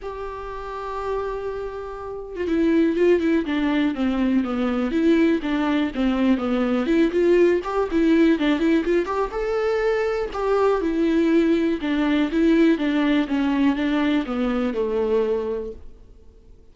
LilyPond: \new Staff \with { instrumentName = "viola" } { \time 4/4 \tempo 4 = 122 g'1~ | g'8. f'16 e'4 f'8 e'8 d'4 | c'4 b4 e'4 d'4 | c'4 b4 e'8 f'4 g'8 |
e'4 d'8 e'8 f'8 g'8 a'4~ | a'4 g'4 e'2 | d'4 e'4 d'4 cis'4 | d'4 b4 a2 | }